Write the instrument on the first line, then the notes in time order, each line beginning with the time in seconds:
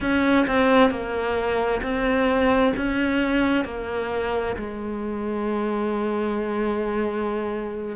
cello
0.00 C#4
0.47 C4
0.90 A#3
1.82 C4
2.76 C#4
3.64 A#3
4.56 G#3